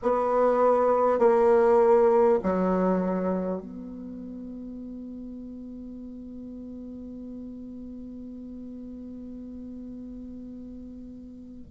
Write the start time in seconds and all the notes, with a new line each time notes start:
0.02 B3
1.18 A#3
2.43 F#3
3.61 B3